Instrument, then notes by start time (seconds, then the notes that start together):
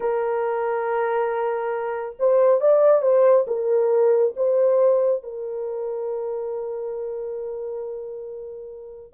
horn
0.00 A#4
2.19 C5
2.61 D5
3.02 C5
3.47 A#4
4.36 C5
5.23 A#4